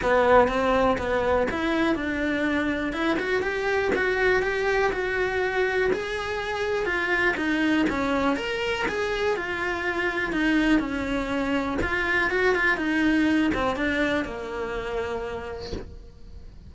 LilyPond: \new Staff \with { instrumentName = "cello" } { \time 4/4 \tempo 4 = 122 b4 c'4 b4 e'4 | d'2 e'8 fis'8 g'4 | fis'4 g'4 fis'2 | gis'2 f'4 dis'4 |
cis'4 ais'4 gis'4 f'4~ | f'4 dis'4 cis'2 | f'4 fis'8 f'8 dis'4. c'8 | d'4 ais2. | }